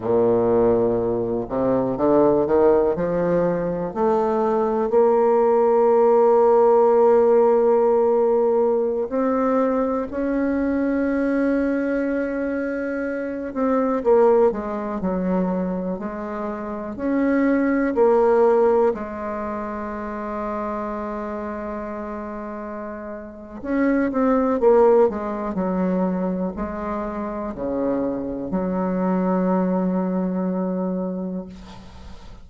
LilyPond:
\new Staff \with { instrumentName = "bassoon" } { \time 4/4 \tempo 4 = 61 ais,4. c8 d8 dis8 f4 | a4 ais2.~ | ais4~ ais16 c'4 cis'4.~ cis'16~ | cis'4.~ cis'16 c'8 ais8 gis8 fis8.~ |
fis16 gis4 cis'4 ais4 gis8.~ | gis1 | cis'8 c'8 ais8 gis8 fis4 gis4 | cis4 fis2. | }